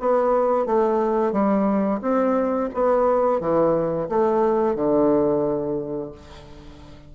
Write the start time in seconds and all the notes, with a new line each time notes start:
0.00 B3
0.66 A3
1.33 G3
2.02 C4
2.74 B3
3.40 E3
4.09 A3
4.76 D3